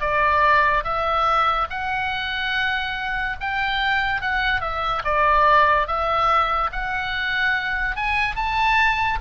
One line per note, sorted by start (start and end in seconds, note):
0.00 0.83 D5
0.84 1.67 E5
1.70 3.36 F#5
3.40 4.21 G5
4.21 4.60 F#5
4.60 5.02 E5
5.04 5.87 D5
5.87 6.70 E5
6.72 7.96 F#5
7.96 8.35 G#5
8.35 9.19 A5